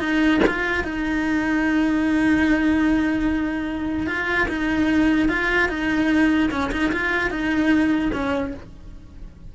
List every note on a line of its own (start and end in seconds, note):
0.00 0.41 D#4
0.47 0.84 F4
0.84 4.07 D#4
4.07 4.48 F4
4.49 5.29 D#4
5.29 5.69 F4
5.69 6.50 D#4
6.51 6.71 C#4
6.72 6.92 D#4
6.92 7.30 F4
7.30 8.12 D#4
8.13 8.54 C#4